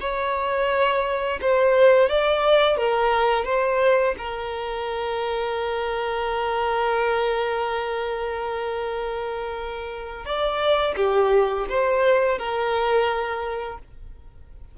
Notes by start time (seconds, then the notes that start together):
0.00 C#5
1.41 C5
2.09 D5
2.77 A#4
3.45 C5
4.18 A#4
10.25 D5
10.97 G4
11.69 C5
12.39 A#4